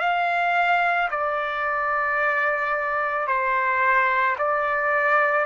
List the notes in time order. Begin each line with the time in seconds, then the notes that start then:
0.00 F5
1.11 D5
3.27 C5
4.38 D5